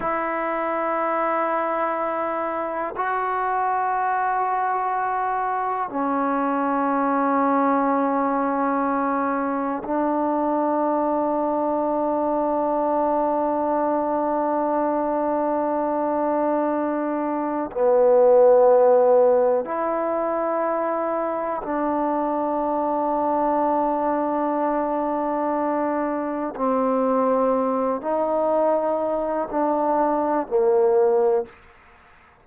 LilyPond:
\new Staff \with { instrumentName = "trombone" } { \time 4/4 \tempo 4 = 61 e'2. fis'4~ | fis'2 cis'2~ | cis'2 d'2~ | d'1~ |
d'2 b2 | e'2 d'2~ | d'2. c'4~ | c'8 dis'4. d'4 ais4 | }